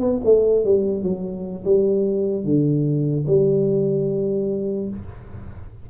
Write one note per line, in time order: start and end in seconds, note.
0.00 0.20 B3
0.24 0.64 A3
0.64 1.02 G3
1.02 1.63 F#3
1.64 2.44 G3
2.44 3.25 D3
3.27 4.89 G3